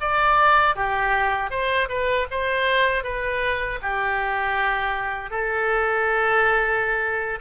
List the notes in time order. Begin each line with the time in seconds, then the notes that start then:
0.00 D5
0.75 G4
1.50 C5
1.88 B4
2.31 C5
3.03 B4
3.81 G4
5.30 A4